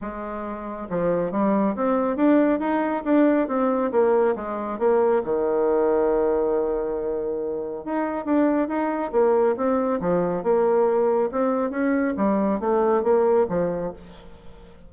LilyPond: \new Staff \with { instrumentName = "bassoon" } { \time 4/4 \tempo 4 = 138 gis2 f4 g4 | c'4 d'4 dis'4 d'4 | c'4 ais4 gis4 ais4 | dis1~ |
dis2 dis'4 d'4 | dis'4 ais4 c'4 f4 | ais2 c'4 cis'4 | g4 a4 ais4 f4 | }